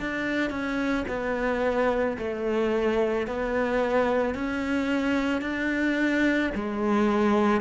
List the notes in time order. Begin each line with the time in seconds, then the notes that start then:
0.00 D4
0.50 C#4
1.08 B3
2.18 A3
3.27 B3
4.35 C#4
5.41 D4
6.55 G#3